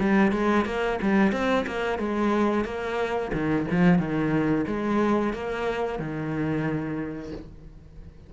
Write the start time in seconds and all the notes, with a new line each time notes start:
0.00 G3
0.32 G#3
0.66 A#3
1.02 G3
1.32 C4
1.67 A#3
1.99 G#3
2.65 A#3
3.33 D#3
3.71 F3
3.99 D#3
4.68 G#3
5.34 A#3
5.99 D#3